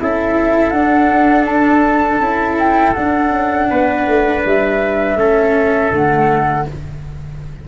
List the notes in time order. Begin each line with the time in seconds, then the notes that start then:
0.00 C#4 E4 A4 E5
0.70 D4 F#5
1.46 A5
2.20 C#4 E4
2.59 G5
2.94 D4 F#5
3.31 C#4
3.70 B3 B4
4.07 A3
4.45 G3 E5
5.16 A3 C#4 A4
5.92 D3 A3 F#5